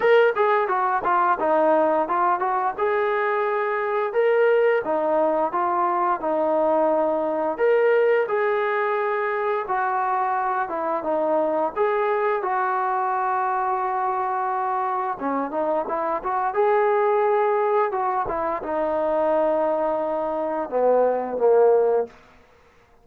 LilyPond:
\new Staff \with { instrumentName = "trombone" } { \time 4/4 \tempo 4 = 87 ais'8 gis'8 fis'8 f'8 dis'4 f'8 fis'8 | gis'2 ais'4 dis'4 | f'4 dis'2 ais'4 | gis'2 fis'4. e'8 |
dis'4 gis'4 fis'2~ | fis'2 cis'8 dis'8 e'8 fis'8 | gis'2 fis'8 e'8 dis'4~ | dis'2 b4 ais4 | }